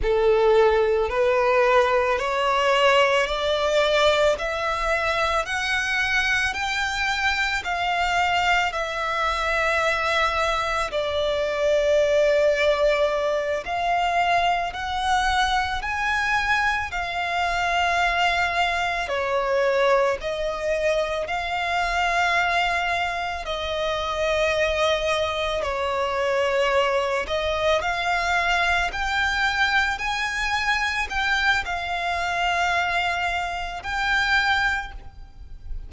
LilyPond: \new Staff \with { instrumentName = "violin" } { \time 4/4 \tempo 4 = 55 a'4 b'4 cis''4 d''4 | e''4 fis''4 g''4 f''4 | e''2 d''2~ | d''8 f''4 fis''4 gis''4 f''8~ |
f''4. cis''4 dis''4 f''8~ | f''4. dis''2 cis''8~ | cis''4 dis''8 f''4 g''4 gis''8~ | gis''8 g''8 f''2 g''4 | }